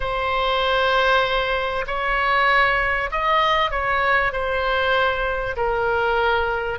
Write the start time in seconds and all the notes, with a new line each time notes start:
0.00 C5
1.86 C#5
3.11 D#5
3.70 C#5
4.32 C5
5.56 A#4